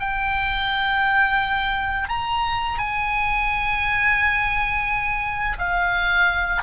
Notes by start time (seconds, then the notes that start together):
0.00 G5
2.09 A#5
2.79 G#5
5.59 F5